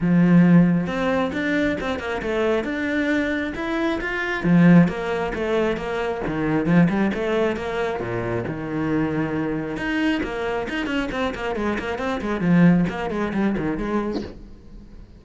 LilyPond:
\new Staff \with { instrumentName = "cello" } { \time 4/4 \tempo 4 = 135 f2 c'4 d'4 | c'8 ais8 a4 d'2 | e'4 f'4 f4 ais4 | a4 ais4 dis4 f8 g8 |
a4 ais4 ais,4 dis4~ | dis2 dis'4 ais4 | dis'8 cis'8 c'8 ais8 gis8 ais8 c'8 gis8 | f4 ais8 gis8 g8 dis8 gis4 | }